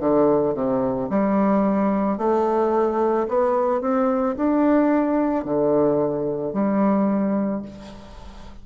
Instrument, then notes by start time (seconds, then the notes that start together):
bassoon
0.00 D3
0.54 C3
1.10 G3
2.18 A3
3.28 B3
3.81 C4
4.36 D4
5.44 D3
6.53 G3